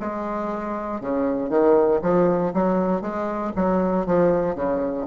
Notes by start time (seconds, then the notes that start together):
0.00 G#3
1.01 C#3
1.50 D#3
2.02 F3
2.54 F#3
3.01 G#3
3.56 F#3
4.07 F3
4.55 C#3